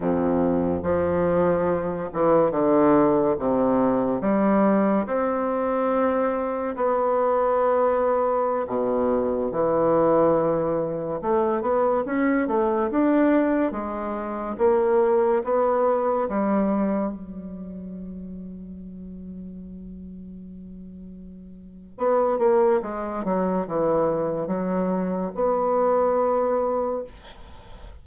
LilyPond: \new Staff \with { instrumentName = "bassoon" } { \time 4/4 \tempo 4 = 71 f,4 f4. e8 d4 | c4 g4 c'2 | b2~ b16 b,4 e8.~ | e4~ e16 a8 b8 cis'8 a8 d'8.~ |
d'16 gis4 ais4 b4 g8.~ | g16 fis2.~ fis8.~ | fis2 b8 ais8 gis8 fis8 | e4 fis4 b2 | }